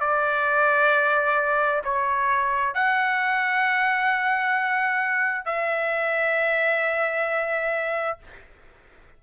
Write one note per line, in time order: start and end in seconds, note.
0.00 1.82 D5
1.84 2.74 C#5
2.74 5.45 F#5
5.45 8.18 E5